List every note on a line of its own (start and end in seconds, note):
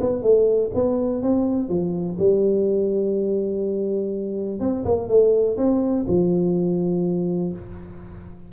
0.00 0.22 B3
0.22 0.70 A3
0.74 1.22 B3
1.22 1.68 C4
1.68 2.17 F3
2.18 4.60 G3
4.60 4.84 C4
4.85 5.08 A#3
5.08 5.56 A3
5.57 6.05 C4
6.07 7.52 F3